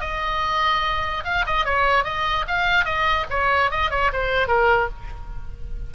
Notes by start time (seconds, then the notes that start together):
0.00 D#5
1.24 F5
1.46 D#5
1.65 C#5
2.04 D#5
2.47 F5
2.84 D#5
3.30 C#5
3.71 D#5
3.90 C#5
4.12 C5
4.47 A#4